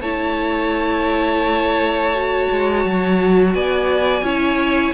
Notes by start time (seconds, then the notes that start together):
0.00 A3 E4 C#5 A5
2.14 F#4
2.51 G#3
2.85 F#3
3.54 B3 D5 G#5
4.22 C#4 E4 C#5